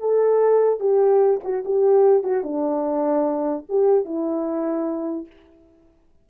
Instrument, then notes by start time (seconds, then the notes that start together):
horn
0.00 A4
0.80 G4
1.44 F#4
1.65 G4
2.24 F#4
2.44 D4
3.69 G4
4.05 E4